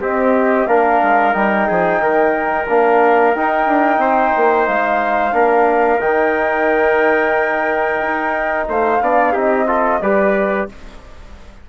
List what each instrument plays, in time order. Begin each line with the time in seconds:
0.00 trombone C4, bassoon C4, trumpet G4, flute D#5
0.67 bassoon A#3, trombone D4, trumpet A#4, flute F5
1.03 bassoon G#3
1.33 bassoon G3, trombone D#4, flute G5
1.68 bassoon F3, trumpet G#4
2.00 bassoon D#3, trumpet A#4
2.68 bassoon A#3, trombone D4, flute F5
3.34 bassoon D#4, trombone D#4, flute G5
3.67 bassoon D4
3.98 bassoon C4, trumpet C5
4.37 bassoon A#3
4.67 bassoon G#3, flute F5
5.33 bassoon A#3, trombone D4, trumpet A#4
6.00 bassoon D#3, trombone D#4, flute G5
8.02 bassoon D#4
8.68 bassoon A3, trumpet C5, flute F5
9.01 bassoon B3, trombone D4, trumpet D5
9.33 bassoon C4, trombone D#4, trumpet G4, flute D#5
9.67 trombone F4, trumpet A4
10.02 bassoon G3, trombone G4, trumpet B4, flute D5